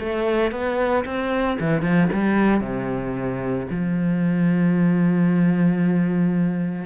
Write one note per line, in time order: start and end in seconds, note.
0.00 0.52 A3
0.52 1.05 B3
1.05 1.58 C4
1.60 1.82 E3
1.82 2.09 F3
2.13 2.61 G3
2.61 3.67 C3
3.71 6.86 F3